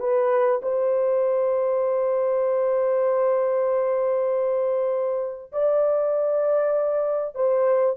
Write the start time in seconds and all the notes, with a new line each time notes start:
0.00 B4
0.62 C5
5.52 D5
7.35 C5